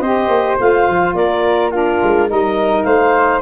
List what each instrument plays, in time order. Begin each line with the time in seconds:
0.00 tuba C4, saxophone G4, flute C5, clarinet D#5
0.28 tuba A#3
0.58 tuba A3, saxophone F4, clarinet F5
0.88 tuba F3
1.14 tuba A#3, flute A#4, clarinet D5
1.71 saxophone D4, flute F4, clarinet A#4
2.03 tuba G#3
2.28 tuba G3, saxophone D#4, flute A#4, clarinet D#5
2.83 tuba A3, flute C5, clarinet F5